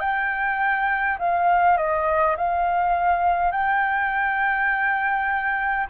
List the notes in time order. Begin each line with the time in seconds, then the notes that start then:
0.00 G5
1.19 F5
1.77 D#5
2.37 F5
3.51 G5